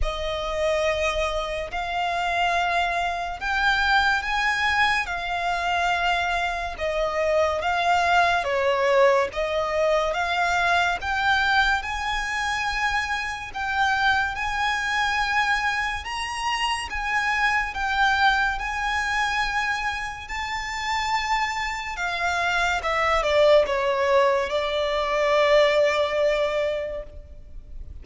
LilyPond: \new Staff \with { instrumentName = "violin" } { \time 4/4 \tempo 4 = 71 dis''2 f''2 | g''4 gis''4 f''2 | dis''4 f''4 cis''4 dis''4 | f''4 g''4 gis''2 |
g''4 gis''2 ais''4 | gis''4 g''4 gis''2 | a''2 f''4 e''8 d''8 | cis''4 d''2. | }